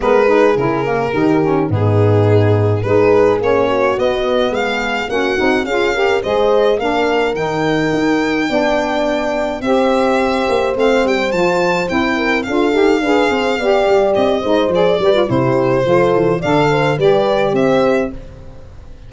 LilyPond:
<<
  \new Staff \with { instrumentName = "violin" } { \time 4/4 \tempo 4 = 106 b'4 ais'2 gis'4~ | gis'4 b'4 cis''4 dis''4 | f''4 fis''4 f''4 dis''4 | f''4 g''2.~ |
g''4 e''2 f''8 g''8 | a''4 g''4 f''2~ | f''4 dis''4 d''4 c''4~ | c''4 f''4 d''4 e''4 | }
  \new Staff \with { instrumentName = "horn" } { \time 4/4 ais'8 gis'4. g'4 dis'4~ | dis'4 gis'4. fis'4. | gis'4 fis'4 gis'8 ais'8 c''4 | ais'2. d''4~ |
d''4 c''2.~ | c''4. ais'8 a'4 b'8 c''8 | d''4. c''4 b'8 g'4 | a'4 d''8 c''8 b'4 c''4 | }
  \new Staff \with { instrumentName = "saxophone" } { \time 4/4 b8 dis'8 e'8 ais8 dis'8 cis'8 b4~ | b4 dis'4 cis'4 b4~ | b4 cis'8 dis'8 f'8 g'8 gis'4 | d'4 dis'2 d'4~ |
d'4 g'2 c'4 | f'4 e'4 f'8 g'8 gis'4 | g'4. dis'8 gis'8 g'16 f'16 e'4 | f'4 a'4 g'2 | }
  \new Staff \with { instrumentName = "tuba" } { \time 4/4 gis4 cis4 dis4 gis,4~ | gis,4 gis4 ais4 b4 | gis4 ais8 c'8 cis'4 gis4 | ais4 dis4 dis'4 b4~ |
b4 c'4. ais8 a8 g8 | f4 c'4 d'8 dis'8 d'8 c'8 | b8 g8 c'8 gis8 f8 g8 c4 | f8 e8 d4 g4 c'4 | }
>>